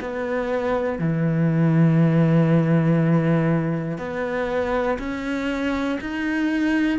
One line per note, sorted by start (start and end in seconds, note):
0.00 0.98 B3
0.98 3.98 E3
3.98 4.98 B3
4.99 5.99 C#4
6.01 6.98 D#4